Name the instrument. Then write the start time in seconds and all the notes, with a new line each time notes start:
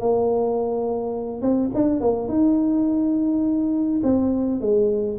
tuba
0.00 A#3
1.42 C4
1.74 D4
2.01 A#3
2.28 D#4
4.03 C4
4.61 G#3